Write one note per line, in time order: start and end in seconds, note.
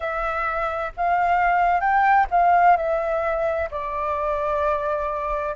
0.00 0.92 E5
0.97 1.80 F5
1.80 2.26 G5
2.31 2.77 F5
2.77 3.69 E5
3.70 5.55 D5